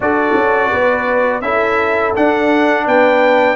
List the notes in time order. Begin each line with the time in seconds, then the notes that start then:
0.00 D4 F#4 A4 D5
0.34 C#4
0.71 B3 B4
1.41 C#4 E4 A4 E5
2.15 D4 F#5
2.85 B3 B4 G5